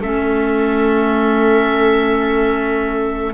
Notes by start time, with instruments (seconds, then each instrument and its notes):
0.00 double bass A3, clarinet C#4, viola A4, oboe E5